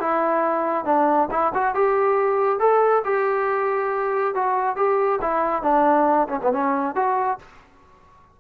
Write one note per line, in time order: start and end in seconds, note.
0.00 0.85 E4
0.85 1.28 D4
1.31 1.53 E4
1.54 1.75 F#4
1.75 2.59 G4
2.59 3.03 A4
3.05 4.34 G4
4.34 4.76 F#4
4.76 5.20 G4
5.22 5.63 E4
5.63 6.28 D4
6.28 6.39 C#4
6.42 6.52 B3
6.52 6.95 C#4
6.95 7.39 F#4